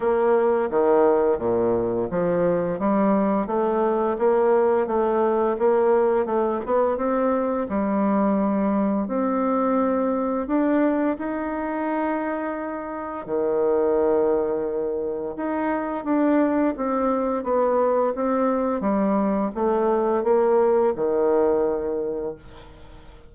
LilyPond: \new Staff \with { instrumentName = "bassoon" } { \time 4/4 \tempo 4 = 86 ais4 dis4 ais,4 f4 | g4 a4 ais4 a4 | ais4 a8 b8 c'4 g4~ | g4 c'2 d'4 |
dis'2. dis4~ | dis2 dis'4 d'4 | c'4 b4 c'4 g4 | a4 ais4 dis2 | }